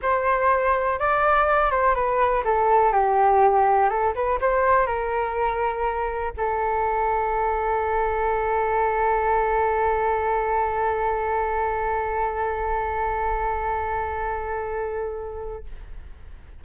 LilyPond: \new Staff \with { instrumentName = "flute" } { \time 4/4 \tempo 4 = 123 c''2 d''4. c''8 | b'4 a'4 g'2 | a'8 b'8 c''4 ais'2~ | ais'4 a'2.~ |
a'1~ | a'1~ | a'1~ | a'1 | }